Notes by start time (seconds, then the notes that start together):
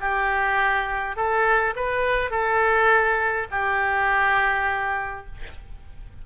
0.00 G4
1.16 A4
1.76 B4
2.31 A4
3.51 G4